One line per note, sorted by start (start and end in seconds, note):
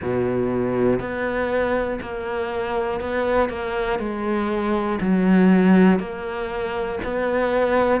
0.01 1.00 B2
1.00 2.00 B3
2.01 3.00 A#3
3.00 3.49 B3
3.49 3.99 A#3
3.99 4.99 G#3
5.00 5.99 F#3
5.99 6.99 A#3
7.04 8.00 B3